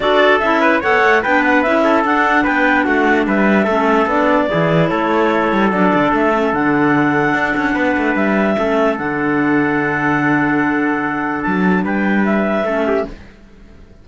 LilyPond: <<
  \new Staff \with { instrumentName = "clarinet" } { \time 4/4 \tempo 4 = 147 d''4 e''4 fis''4 g''8 fis''8 | e''4 fis''4 g''4 fis''4 | e''2 d''2 | cis''2 d''4 e''4 |
fis''1 | e''2 fis''2~ | fis''1 | a''4 g''4 e''2 | }
  \new Staff \with { instrumentName = "trumpet" } { \time 4/4 a'4. b'8 cis''4 b'4~ | b'8 a'4. b'4 fis'4 | b'4 a'2 gis'4 | a'1~ |
a'2. b'4~ | b'4 a'2.~ | a'1~ | a'4 b'2 a'8 g'8 | }
  \new Staff \with { instrumentName = "clarinet" } { \time 4/4 fis'4 e'4 a'4 d'4 | e'4 d'2.~ | d'4 cis'4 d'4 e'4~ | e'2 d'4. cis'8 |
d'1~ | d'4 cis'4 d'2~ | d'1~ | d'2. cis'4 | }
  \new Staff \with { instrumentName = "cello" } { \time 4/4 d'4 cis'4 b8 a8 b4 | cis'4 d'4 b4 a4 | g4 a4 b4 e4 | a4. g8 fis8 d8 a4 |
d2 d'8 cis'8 b8 a8 | g4 a4 d2~ | d1 | fis4 g2 a4 | }
>>